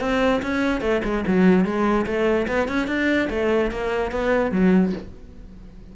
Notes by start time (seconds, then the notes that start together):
0.00 C4
0.42 C#4
0.81 A3
1.04 G#3
1.26 F#3
1.64 G#3
2.06 A3
2.47 B3
2.68 C#4
2.87 D4
3.30 A3
3.71 A#3
4.11 B3
4.51 F#3